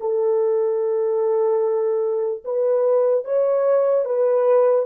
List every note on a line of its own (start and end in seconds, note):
0.00 2.43 A4
2.45 3.25 B4
3.25 4.05 C#5
4.05 4.85 B4